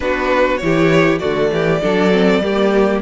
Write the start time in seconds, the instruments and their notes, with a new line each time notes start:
0.00 cello B3, viola D4, violin F#4 B4
0.57 cello E3, viola E4, violin G4 C#5
1.19 cello D3, viola A3, violin F#4 D5
1.50 cello E3, violin G4
1.81 cello F#3, viola D4, violin A4
2.11 viola C4
2.39 cello G3, viola A#3, violin G4